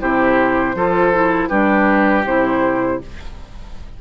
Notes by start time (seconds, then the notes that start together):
0.00 C3 E4 G4 C5
0.75 F3 F4 A4
1.13 E4
1.49 G3 D4 G4 B4
2.25 C3 E4 C5